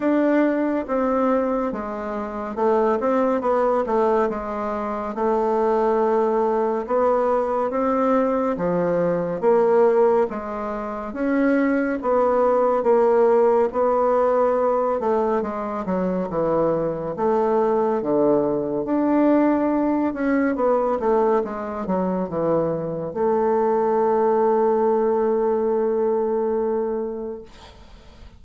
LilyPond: \new Staff \with { instrumentName = "bassoon" } { \time 4/4 \tempo 4 = 70 d'4 c'4 gis4 a8 c'8 | b8 a8 gis4 a2 | b4 c'4 f4 ais4 | gis4 cis'4 b4 ais4 |
b4. a8 gis8 fis8 e4 | a4 d4 d'4. cis'8 | b8 a8 gis8 fis8 e4 a4~ | a1 | }